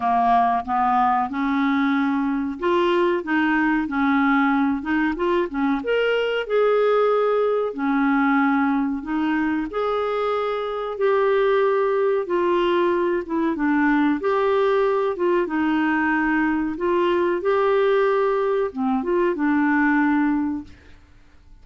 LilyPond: \new Staff \with { instrumentName = "clarinet" } { \time 4/4 \tempo 4 = 93 ais4 b4 cis'2 | f'4 dis'4 cis'4. dis'8 | f'8 cis'8 ais'4 gis'2 | cis'2 dis'4 gis'4~ |
gis'4 g'2 f'4~ | f'8 e'8 d'4 g'4. f'8 | dis'2 f'4 g'4~ | g'4 c'8 f'8 d'2 | }